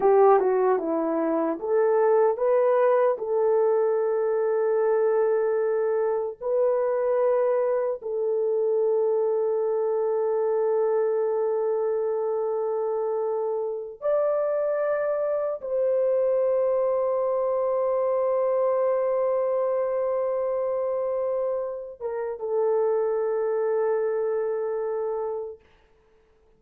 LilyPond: \new Staff \with { instrumentName = "horn" } { \time 4/4 \tempo 4 = 75 g'8 fis'8 e'4 a'4 b'4 | a'1 | b'2 a'2~ | a'1~ |
a'4. d''2 c''8~ | c''1~ | c''2.~ c''8 ais'8 | a'1 | }